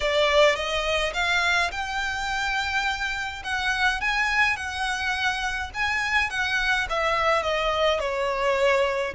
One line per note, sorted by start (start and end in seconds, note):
0.00 0.55 D5
0.55 1.12 D#5
1.13 1.70 F5
1.71 3.42 G5
3.43 4.00 F#5
4.00 4.56 G#5
4.56 5.70 F#5
5.74 6.30 G#5
6.30 6.87 F#5
6.89 7.43 E5
7.43 7.99 D#5
7.99 9.14 C#5